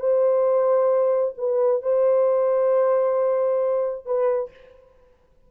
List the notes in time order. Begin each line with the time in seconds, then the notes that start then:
0.00 C5
1.38 B4
1.82 C5
4.06 B4